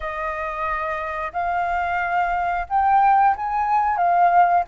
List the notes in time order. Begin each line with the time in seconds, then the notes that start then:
0.00 D#5
1.32 F5
2.68 G5
3.36 G#5
3.97 F5